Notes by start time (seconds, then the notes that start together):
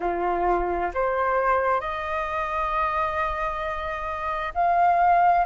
0.00 F4
0.94 C5
1.80 D#5
4.54 F5